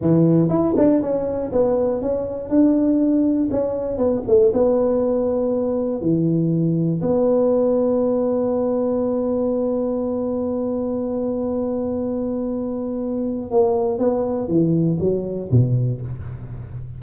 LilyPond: \new Staff \with { instrumentName = "tuba" } { \time 4/4 \tempo 4 = 120 e4 e'8 d'8 cis'4 b4 | cis'4 d'2 cis'4 | b8 a8 b2. | e2 b2~ |
b1~ | b1~ | b2. ais4 | b4 e4 fis4 b,4 | }